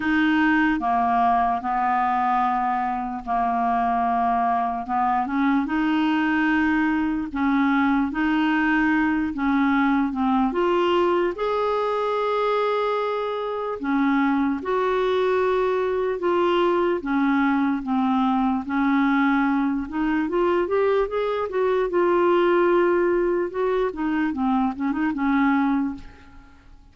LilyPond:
\new Staff \with { instrumentName = "clarinet" } { \time 4/4 \tempo 4 = 74 dis'4 ais4 b2 | ais2 b8 cis'8 dis'4~ | dis'4 cis'4 dis'4. cis'8~ | cis'8 c'8 f'4 gis'2~ |
gis'4 cis'4 fis'2 | f'4 cis'4 c'4 cis'4~ | cis'8 dis'8 f'8 g'8 gis'8 fis'8 f'4~ | f'4 fis'8 dis'8 c'8 cis'16 dis'16 cis'4 | }